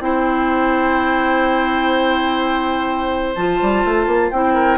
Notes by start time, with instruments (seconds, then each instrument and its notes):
0.00 bassoon C4, clarinet E4, oboe C5, flute G5
3.35 bassoon F3, clarinet F4, flute A5
3.62 bassoon G3
3.85 bassoon A3
4.07 bassoon A#3
4.31 bassoon C4, clarinet E4, flute G5
4.54 oboe A#4